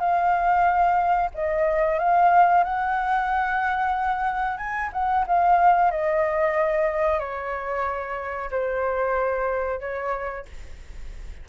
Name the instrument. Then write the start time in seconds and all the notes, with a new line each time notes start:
flute
0.00 F5
1.34 D#5
1.99 F5
2.64 F#5
4.58 G#5
4.93 F#5
5.27 F5
5.91 D#5
7.20 C#5
8.51 C5
9.80 C#5